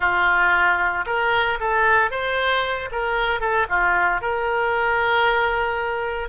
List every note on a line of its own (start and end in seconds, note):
0.00 1.05 F4
1.06 1.58 A#4
1.60 2.11 A4
2.11 2.89 C5
2.91 3.40 A#4
3.40 3.67 A4
3.69 4.21 F4
4.21 6.29 A#4